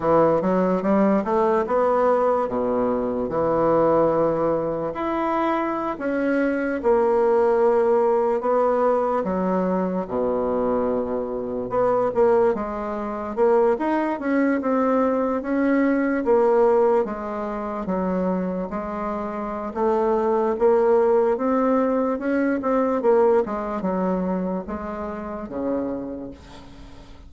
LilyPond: \new Staff \with { instrumentName = "bassoon" } { \time 4/4 \tempo 4 = 73 e8 fis8 g8 a8 b4 b,4 | e2 e'4~ e'16 cis'8.~ | cis'16 ais2 b4 fis8.~ | fis16 b,2 b8 ais8 gis8.~ |
gis16 ais8 dis'8 cis'8 c'4 cis'4 ais16~ | ais8. gis4 fis4 gis4~ gis16 | a4 ais4 c'4 cis'8 c'8 | ais8 gis8 fis4 gis4 cis4 | }